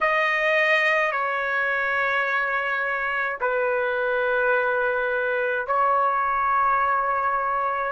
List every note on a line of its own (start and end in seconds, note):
0.00 1.11 D#5
1.11 3.38 C#5
3.40 5.66 B4
5.66 7.92 C#5